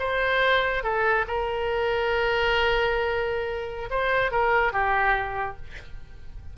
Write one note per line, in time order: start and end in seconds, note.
0.00 0.84 C5
0.84 1.26 A4
1.28 3.90 A#4
3.91 4.32 C5
4.32 4.73 A#4
4.73 5.57 G4